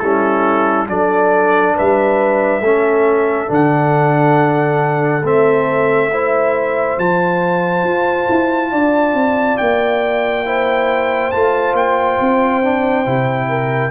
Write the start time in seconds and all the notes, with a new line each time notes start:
0.00 G3 C#4 E4 A4
0.88 F#3 D4 A4 D5
1.75 G3 B4 E5
2.62 A3 C#4 A4
3.48 D3 D4 F#5
5.23 A3 C4 E5
6.12 E4 C5
6.98 F3 F4 A5
7.84 F4
8.30 E4
8.72 D4 D5
9.14 C4
9.58 A#3 G5
10.46 E4 C5
11.32 A3 F4 A5
11.74 A#3 G5
12.20 C4
12.63 D4
13.06 C3 E4
13.49 A#4